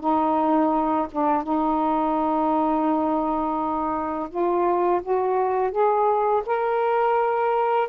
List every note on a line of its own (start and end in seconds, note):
0.00 1.07 D#4
1.12 1.43 D4
1.43 4.29 D#4
4.30 5.01 F4
5.03 5.71 F#4
5.71 6.43 G#4
6.46 7.89 A#4